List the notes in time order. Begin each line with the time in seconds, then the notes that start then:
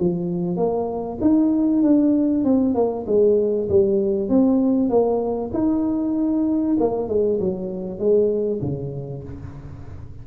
0.00 F3
0.57 A#3
1.22 D#4
1.83 D4
2.45 C4
2.75 A#3
3.07 G#3
3.69 G3
4.30 C4
4.90 A#3
5.54 D#4
6.80 A#3
7.09 G#3
7.40 F#3
7.99 G#3
8.62 C#3